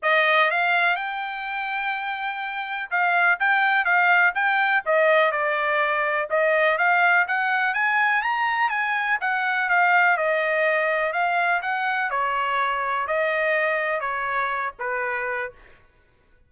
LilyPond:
\new Staff \with { instrumentName = "trumpet" } { \time 4/4 \tempo 4 = 124 dis''4 f''4 g''2~ | g''2 f''4 g''4 | f''4 g''4 dis''4 d''4~ | d''4 dis''4 f''4 fis''4 |
gis''4 ais''4 gis''4 fis''4 | f''4 dis''2 f''4 | fis''4 cis''2 dis''4~ | dis''4 cis''4. b'4. | }